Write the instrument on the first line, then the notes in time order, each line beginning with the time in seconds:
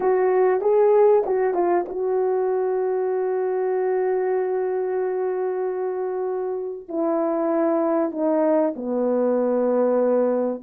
horn
0.00 F#4
0.61 G#4
1.26 F#4
1.53 F4
1.88 F#4
6.88 E4
8.11 D#4
8.76 B3